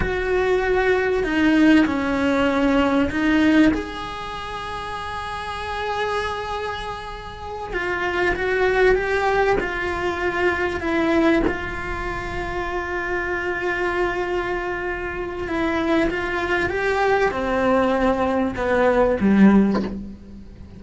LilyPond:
\new Staff \with { instrumentName = "cello" } { \time 4/4 \tempo 4 = 97 fis'2 dis'4 cis'4~ | cis'4 dis'4 gis'2~ | gis'1~ | gis'8 f'4 fis'4 g'4 f'8~ |
f'4. e'4 f'4.~ | f'1~ | f'4 e'4 f'4 g'4 | c'2 b4 g4 | }